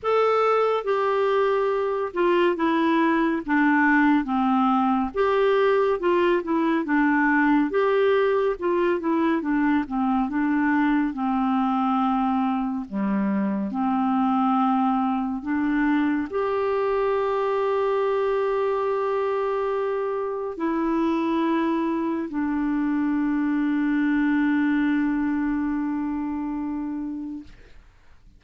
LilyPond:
\new Staff \with { instrumentName = "clarinet" } { \time 4/4 \tempo 4 = 70 a'4 g'4. f'8 e'4 | d'4 c'4 g'4 f'8 e'8 | d'4 g'4 f'8 e'8 d'8 c'8 | d'4 c'2 g4 |
c'2 d'4 g'4~ | g'1 | e'2 d'2~ | d'1 | }